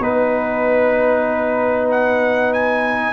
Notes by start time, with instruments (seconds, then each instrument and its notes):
0.00 tuba B3, trombone D#4, trumpet B4, horn B4
1.91 trumpet F#5
2.54 trumpet G#5